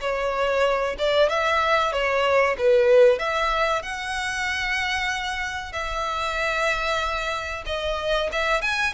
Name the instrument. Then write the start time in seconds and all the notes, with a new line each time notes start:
violin
0.00 C#5
0.98 D5
1.29 E5
1.92 C#5
2.57 B4
3.18 E5
3.82 F#5
5.72 E5
7.66 D#5
8.32 E5
8.61 G#5